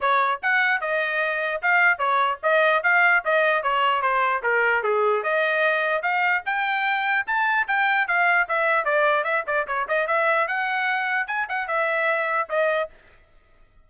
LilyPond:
\new Staff \with { instrumentName = "trumpet" } { \time 4/4 \tempo 4 = 149 cis''4 fis''4 dis''2 | f''4 cis''4 dis''4 f''4 | dis''4 cis''4 c''4 ais'4 | gis'4 dis''2 f''4 |
g''2 a''4 g''4 | f''4 e''4 d''4 e''8 d''8 | cis''8 dis''8 e''4 fis''2 | gis''8 fis''8 e''2 dis''4 | }